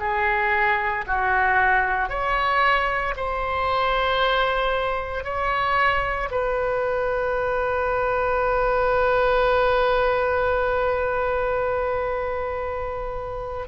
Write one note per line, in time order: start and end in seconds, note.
0.00 1.05 G#4
1.08 2.10 F#4
2.10 3.15 C#5
3.17 5.24 C5
5.24 6.30 C#5
6.31 13.68 B4